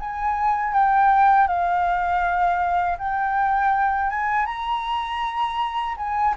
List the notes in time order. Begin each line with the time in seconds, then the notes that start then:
0.00 G#5
0.74 G5
1.48 F5
2.98 G5
4.10 G#5
4.46 A#5
5.97 G#5